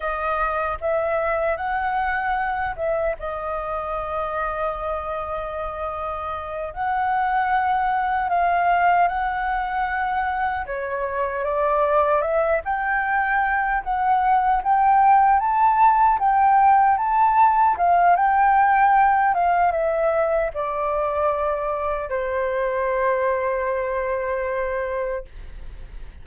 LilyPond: \new Staff \with { instrumentName = "flute" } { \time 4/4 \tempo 4 = 76 dis''4 e''4 fis''4. e''8 | dis''1~ | dis''8 fis''2 f''4 fis''8~ | fis''4. cis''4 d''4 e''8 |
g''4. fis''4 g''4 a''8~ | a''8 g''4 a''4 f''8 g''4~ | g''8 f''8 e''4 d''2 | c''1 | }